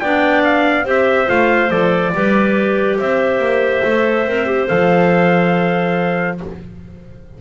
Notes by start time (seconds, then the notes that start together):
0.00 B3 D4 D5 G5
0.44 F5
0.85 C4 G4 C5 E5
1.26 A3 F4 F5
1.69 F3 A4 D5
2.13 G3 G4 B4
2.99 C4 C5 E5
3.39 A#3
3.85 A3 A4
4.26 C4 A#4
4.46 G4
4.68 F3 A4 F5